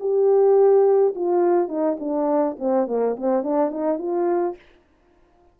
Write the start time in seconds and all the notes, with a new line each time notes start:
0.00 G4
1.15 F4
1.69 D#4
2.00 D4
2.59 C4
2.88 A#3
3.17 C4
3.43 D4
3.71 D#4
3.98 F4